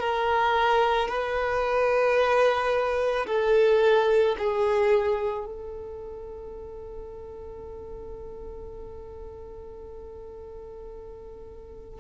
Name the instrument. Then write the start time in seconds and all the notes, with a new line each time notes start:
violin
0.00 A#4
1.09 B4
3.27 A4
4.39 G#4
5.46 A4